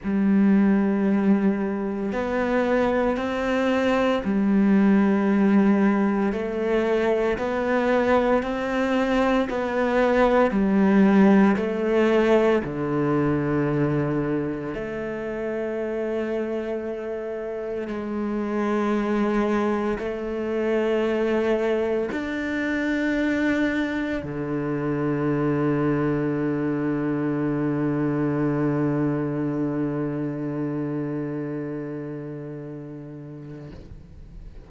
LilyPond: \new Staff \with { instrumentName = "cello" } { \time 4/4 \tempo 4 = 57 g2 b4 c'4 | g2 a4 b4 | c'4 b4 g4 a4 | d2 a2~ |
a4 gis2 a4~ | a4 d'2 d4~ | d1~ | d1 | }